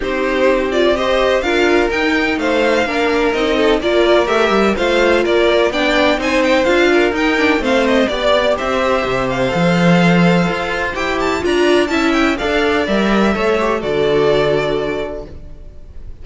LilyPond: <<
  \new Staff \with { instrumentName = "violin" } { \time 4/4 \tempo 4 = 126 c''4. d''8 dis''4 f''4 | g''4 f''2 dis''4 | d''4 e''4 f''4 d''4 | g''4 gis''8 g''8 f''4 g''4 |
f''8 dis''8 d''4 e''4. f''8~ | f''2. g''8 a''8 | ais''4 a''8 g''8 f''4 e''4~ | e''4 d''2. | }
  \new Staff \with { instrumentName = "violin" } { \time 4/4 g'2 c''4 ais'4~ | ais'4 c''4 ais'4. a'8 | ais'2 c''4 ais'4 | d''4 c''4. ais'4. |
c''4 d''4 c''2~ | c''1 | d''4 e''4 d''2 | cis''4 a'2. | }
  \new Staff \with { instrumentName = "viola" } { \time 4/4 dis'4. f'8 g'4 f'4 | dis'2 d'4 dis'4 | f'4 g'4 f'2 | d'4 dis'4 f'4 dis'8 d'8 |
c'4 g'2. | a'2. g'4 | f'4 e'4 a'4 ais'4 | a'8 g'8 fis'2. | }
  \new Staff \with { instrumentName = "cello" } { \time 4/4 c'2. d'4 | dis'4 a4 ais4 c'4 | ais4 a8 g8 a4 ais4 | b4 c'4 d'4 dis'4 |
a4 b4 c'4 c4 | f2 f'4 e'4 | d'4 cis'4 d'4 g4 | a4 d2. | }
>>